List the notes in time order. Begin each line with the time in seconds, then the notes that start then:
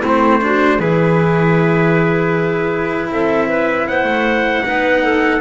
0.00 A3 C4 E4
0.07 C5
0.41 D4 F#4
0.78 E3 E4 G#4 B4
3.09 C4 A4 E5
3.48 B4
3.87 B3 C5 F#5
4.03 A3
4.63 B3 D#4 B4
5.03 A4